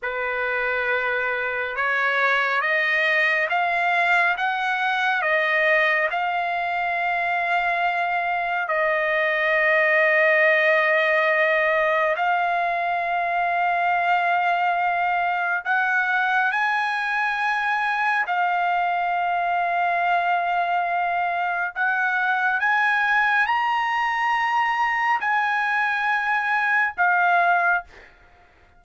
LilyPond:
\new Staff \with { instrumentName = "trumpet" } { \time 4/4 \tempo 4 = 69 b'2 cis''4 dis''4 | f''4 fis''4 dis''4 f''4~ | f''2 dis''2~ | dis''2 f''2~ |
f''2 fis''4 gis''4~ | gis''4 f''2.~ | f''4 fis''4 gis''4 ais''4~ | ais''4 gis''2 f''4 | }